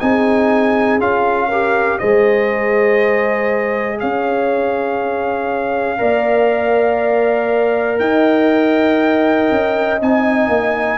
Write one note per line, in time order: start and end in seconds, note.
0.00 1.00 C4
0.00 1.00 D#4
0.00 1.48 G#4
0.00 1.00 G#5
1.00 2.00 C#4
1.00 1.50 F4
1.00 1.99 F5
1.48 2.02 G4
1.48 1.98 A#4
1.99 4.03 G#3
1.99 5.98 G#4
1.99 4.00 C5
1.99 3.99 D#5
4.00 6.01 C#4
4.00 6.00 C#5
4.00 8.00 F5
5.98 8.00 A#3
5.98 9.98 A#4
5.98 8.00 D5
8.00 9.50 D#4
8.00 10.99 D#5
8.00 10.00 G5
9.51 10.01 C#4
10.01 10.48 C4
10.01 10.99 D#4
10.01 10.99 G#5
10.48 10.98 A#3